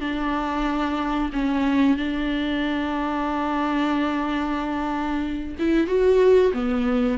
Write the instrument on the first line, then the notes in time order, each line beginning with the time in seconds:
viola
0.00 D4
1.33 C#4
1.97 D4
5.58 E4
5.87 F#4
6.53 B3